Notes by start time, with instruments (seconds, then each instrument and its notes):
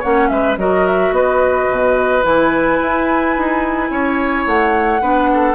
0.00 bassoon A#3, clarinet C#4, oboe C#5, flute F#5
0.29 bassoon G#3, oboe B4, flute E5
0.58 bassoon F#3, clarinet F#4, oboe A#4, flute D#5
0.87 flute E5
1.11 bassoon B3, oboe B4, flute D#5
1.71 bassoon B2
2.22 bassoon E3, clarinet E4, flute G#5
2.82 bassoon E4
3.38 bassoon D#4
3.91 bassoon C#4, oboe C#5
4.47 bassoon A3, flute F#5
5.02 bassoon B3, clarinet D4, oboe B4
5.34 oboe A4